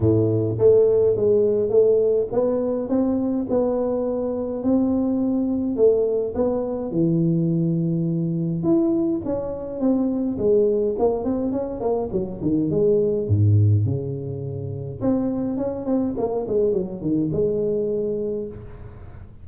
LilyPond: \new Staff \with { instrumentName = "tuba" } { \time 4/4 \tempo 4 = 104 a,4 a4 gis4 a4 | b4 c'4 b2 | c'2 a4 b4 | e2. e'4 |
cis'4 c'4 gis4 ais8 c'8 | cis'8 ais8 fis8 dis8 gis4 gis,4 | cis2 c'4 cis'8 c'8 | ais8 gis8 fis8 dis8 gis2 | }